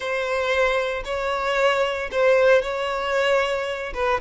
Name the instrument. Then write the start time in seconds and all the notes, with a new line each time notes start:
violin
0.00 C5
1.05 C#5
2.11 C5
2.61 C#5
3.94 B4